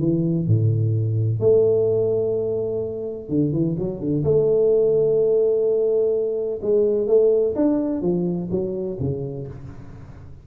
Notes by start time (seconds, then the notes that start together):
0.00 E3
0.47 A2
1.41 A3
3.29 D3
3.53 E3
3.79 F#3
4.00 D3
4.25 A3
6.62 G#3
7.08 A3
7.56 D4
8.02 F3
8.51 F#3
9.00 C#3